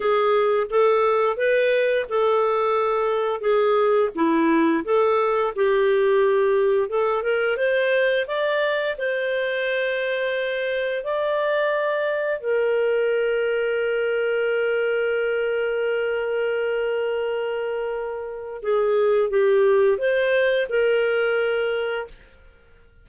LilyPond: \new Staff \with { instrumentName = "clarinet" } { \time 4/4 \tempo 4 = 87 gis'4 a'4 b'4 a'4~ | a'4 gis'4 e'4 a'4 | g'2 a'8 ais'8 c''4 | d''4 c''2. |
d''2 ais'2~ | ais'1~ | ais'2. gis'4 | g'4 c''4 ais'2 | }